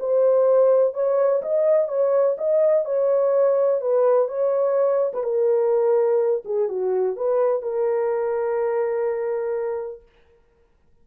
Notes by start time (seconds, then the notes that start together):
0.00 C5
0.94 C#5
1.42 D#5
1.89 C#5
2.38 D#5
2.85 C#5
3.81 B4
4.28 C#5
5.14 B4
5.24 A#4
6.45 G#4
6.69 F#4
7.16 B4
7.63 A#4